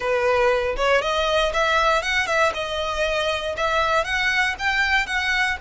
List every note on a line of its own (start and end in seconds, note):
0.00 0.76 B4
0.76 1.01 C#5
1.01 1.52 D#5
1.53 2.02 E5
2.02 2.27 F#5
2.27 2.52 E5
2.54 3.55 D#5
3.56 4.04 E5
4.04 4.55 F#5
4.59 5.06 G5
5.06 5.57 F#5